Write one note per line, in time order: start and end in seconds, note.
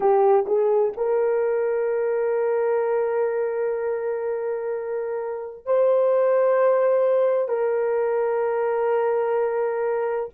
0.00 0.45 G4
0.46 0.93 G#4
0.96 5.65 A#4
5.65 7.48 C5
7.48 10.29 A#4